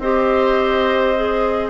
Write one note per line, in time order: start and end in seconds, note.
0.00 1.70 C4
0.00 1.17 G4
0.00 1.70 C5
0.00 1.70 D#5
1.17 1.70 G#4